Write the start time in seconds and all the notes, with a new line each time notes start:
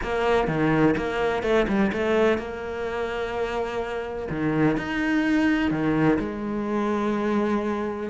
0.02 A#3
0.47 D#3
0.97 A#3
1.42 A3
1.68 G3
1.92 A3
2.37 A#3
4.29 D#3
4.77 D#4
5.70 D#3
6.19 G#3